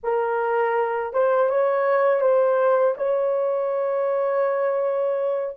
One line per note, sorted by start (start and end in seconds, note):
0.03 1.13 A#4
1.13 1.49 C5
1.49 2.20 C#5
2.20 2.95 C5
2.97 5.56 C#5